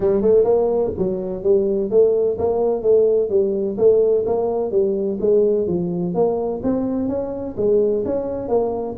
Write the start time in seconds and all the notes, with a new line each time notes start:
0.00 G3
0.21 A3
0.44 A#3
0.97 F#3
1.43 G3
1.90 A3
2.38 A#3
2.82 A3
3.29 G3
3.77 A3
4.26 A#3
4.71 G3
5.20 G#3
5.67 F3
6.14 A#3
6.63 C4
7.08 C#4
7.56 G#3
8.05 C#4
8.48 A#3